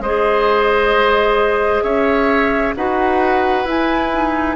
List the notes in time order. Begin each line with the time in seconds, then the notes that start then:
0.00 G#3 G#4 C5 D#5
1.83 C#4 C#5 E5
2.76 D#4 F#4 B4 F#5
3.65 E4 G#5
4.12 D#4